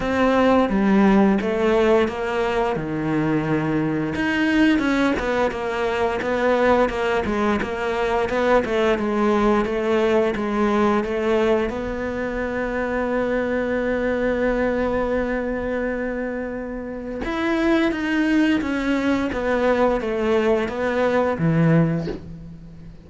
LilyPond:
\new Staff \with { instrumentName = "cello" } { \time 4/4 \tempo 4 = 87 c'4 g4 a4 ais4 | dis2 dis'4 cis'8 b8 | ais4 b4 ais8 gis8 ais4 | b8 a8 gis4 a4 gis4 |
a4 b2.~ | b1~ | b4 e'4 dis'4 cis'4 | b4 a4 b4 e4 | }